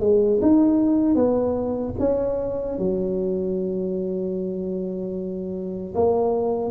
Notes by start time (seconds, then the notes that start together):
0.00 G#3
0.42 D#4
1.15 B3
1.99 C#4
2.78 F#3
5.95 A#3